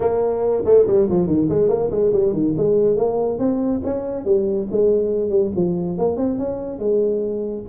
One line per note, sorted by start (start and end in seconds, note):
0.00 0.64 A#3
0.65 0.86 A3
0.86 1.08 G3
1.09 1.27 F3
1.27 1.48 D#3
1.49 1.68 G#3
1.68 1.90 A#3
1.91 2.12 G#3
2.13 2.32 G3
2.32 2.54 D#3
2.57 2.96 G#3
2.96 3.38 A#3
3.38 3.81 C4
3.84 4.25 C#4
4.25 4.67 G3
4.71 5.29 G#3
5.29 5.50 G3
5.55 5.97 F3
5.97 6.17 A#3
6.17 6.38 C4
6.38 6.78 C#4
6.78 7.63 G#3